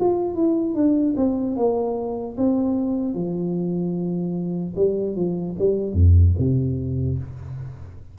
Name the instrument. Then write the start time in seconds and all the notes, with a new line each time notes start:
tuba
0.00 F4
0.35 E4
0.74 D4
1.16 C4
1.56 A#3
2.37 C4
3.15 F3
4.76 G3
5.15 F3
5.59 G3
5.93 F2
6.38 C3